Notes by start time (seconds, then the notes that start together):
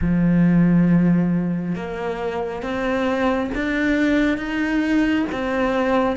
0.01 F3
1.75 A#3
2.62 C4
3.54 D4
4.37 D#4
5.32 C4